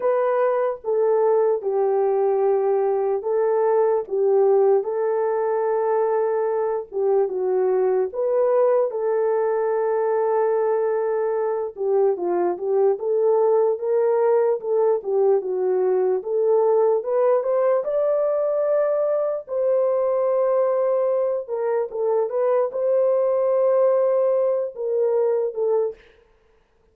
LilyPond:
\new Staff \with { instrumentName = "horn" } { \time 4/4 \tempo 4 = 74 b'4 a'4 g'2 | a'4 g'4 a'2~ | a'8 g'8 fis'4 b'4 a'4~ | a'2~ a'8 g'8 f'8 g'8 |
a'4 ais'4 a'8 g'8 fis'4 | a'4 b'8 c''8 d''2 | c''2~ c''8 ais'8 a'8 b'8 | c''2~ c''8 ais'4 a'8 | }